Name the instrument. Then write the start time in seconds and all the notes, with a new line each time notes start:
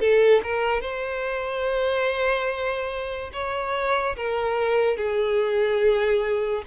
violin
0.00 A4
0.44 A#4
0.81 C5
3.33 C#5
4.17 A#4
4.97 G#4